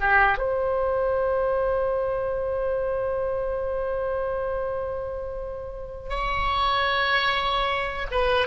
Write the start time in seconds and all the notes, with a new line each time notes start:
0.00 G4
0.38 C5
6.09 C#5
8.11 B4